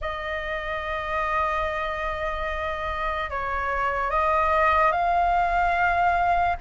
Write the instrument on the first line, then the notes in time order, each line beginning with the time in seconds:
flute
0.01 D#5
3.30 C#5
4.10 D#5
4.92 F5